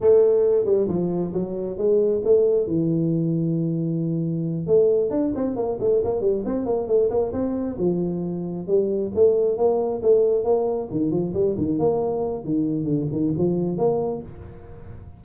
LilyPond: \new Staff \with { instrumentName = "tuba" } { \time 4/4 \tempo 4 = 135 a4. g8 f4 fis4 | gis4 a4 e2~ | e2~ e8 a4 d'8 | c'8 ais8 a8 ais8 g8 c'8 ais8 a8 |
ais8 c'4 f2 g8~ | g8 a4 ais4 a4 ais8~ | ais8 dis8 f8 g8 dis8 ais4. | dis4 d8 dis8 f4 ais4 | }